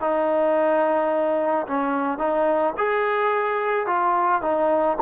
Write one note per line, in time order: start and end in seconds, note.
0.00 1.67 D#4
1.67 2.18 C#4
2.18 2.74 D#4
2.78 3.87 G#4
3.87 4.42 F4
4.42 4.97 D#4